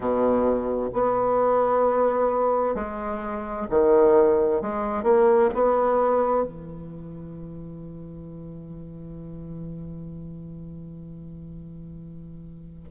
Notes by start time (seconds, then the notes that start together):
0.00 B2
0.93 B3
2.74 G#3
3.70 D#3
4.62 G#3
5.03 A#3
5.54 B3
6.43 E3